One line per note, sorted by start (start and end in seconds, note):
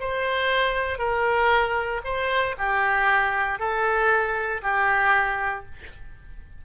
0.00 0.98 C5
0.98 2.01 A#4
2.04 2.55 C5
2.58 3.59 G4
3.59 4.62 A4
4.62 5.65 G4